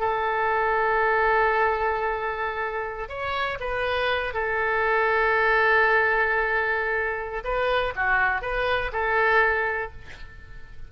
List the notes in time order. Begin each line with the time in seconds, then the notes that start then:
0.00 A4
3.09 C#5
3.60 B4
4.34 A4
7.44 B4
7.96 F#4
8.42 B4
8.93 A4